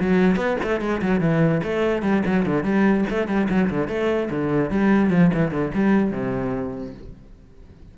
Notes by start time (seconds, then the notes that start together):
0.00 F#3
0.36 B3
0.63 A3
0.81 G#3
1.02 F#3
1.20 E3
1.63 A3
2.02 G3
2.26 F#3
2.46 D3
2.63 G3
3.10 A3
3.27 G3
3.49 F#3
3.70 D3
3.88 A3
4.30 D3
4.70 G3
5.10 F3
5.33 E3
5.51 D3
5.74 G3
6.11 C3